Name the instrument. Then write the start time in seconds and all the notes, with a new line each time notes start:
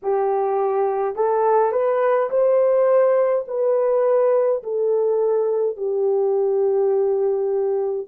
horn
0.02 G4
1.15 A4
1.72 B4
2.30 C5
3.47 B4
4.63 A4
5.76 G4